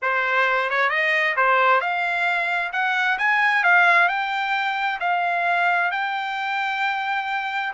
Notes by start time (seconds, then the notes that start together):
0.02 C5
0.70 C#5
0.89 D#5
1.36 C5
1.80 F5
2.72 F#5
3.18 G#5
3.63 F5
4.08 G5
5.00 F5
5.91 G5